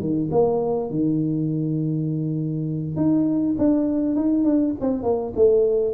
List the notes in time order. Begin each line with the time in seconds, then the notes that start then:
0.00 D#3
0.31 A#3
0.90 D#3
2.96 D#4
3.58 D4
4.15 D#4
4.44 D4
4.81 C4
5.03 A#3
5.36 A3